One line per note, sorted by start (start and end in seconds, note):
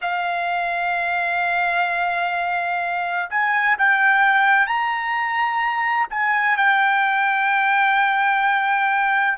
0.01 3.29 F5
3.29 3.76 G#5
3.78 4.66 G5
4.66 6.07 A#5
6.10 6.57 G#5
6.57 9.37 G5